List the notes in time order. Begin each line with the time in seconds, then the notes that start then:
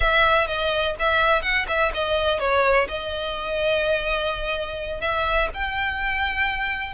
0.00 E5
0.47 D#5
0.99 E5
1.42 F#5
1.68 E5
1.94 D#5
2.39 C#5
2.88 D#5
5.01 E5
5.54 G5